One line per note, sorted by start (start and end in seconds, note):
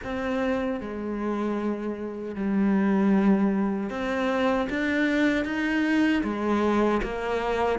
0.03 0.80 C4
0.80 2.35 G#3
2.35 3.90 G3
3.90 4.68 C4
4.69 5.44 D4
5.44 6.22 D#4
6.23 7.01 G#3
7.03 7.79 A#3